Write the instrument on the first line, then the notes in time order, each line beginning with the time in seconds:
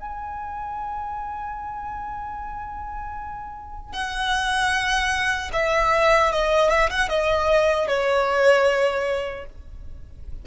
violin
0.00 G#5
3.93 F#5
5.53 E5
6.32 D#5
6.70 E5
6.90 F#5
7.09 D#5
7.88 C#5